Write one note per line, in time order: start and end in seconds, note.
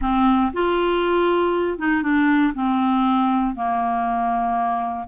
0.01 0.52 C4
0.53 1.78 F4
1.78 2.02 D#4
2.02 2.53 D4
2.54 3.55 C4
3.55 5.07 A#3